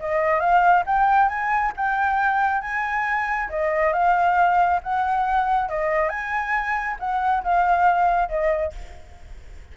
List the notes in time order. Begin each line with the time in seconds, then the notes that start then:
0.00 D#5
0.40 F5
0.86 G5
1.29 G#5
1.77 G5
2.62 G#5
3.49 D#5
3.93 F5
4.83 F#5
5.69 D#5
6.09 G#5
6.99 F#5
7.44 F5
8.29 D#5